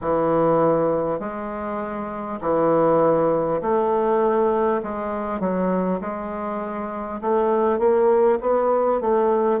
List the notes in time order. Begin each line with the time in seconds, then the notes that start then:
0.01 E3
1.19 G#3
2.41 E3
3.61 A3
4.83 G#3
5.40 F#3
6.00 G#3
7.21 A3
7.78 A#3
8.41 B3
9.00 A3